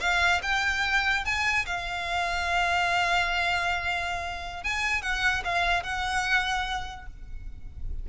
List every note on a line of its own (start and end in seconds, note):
0.00 0.41 F5
0.42 1.24 G5
1.24 1.66 G#5
1.66 4.63 F5
4.63 5.02 G#5
5.02 5.43 F#5
5.44 5.83 F5
5.83 7.06 F#5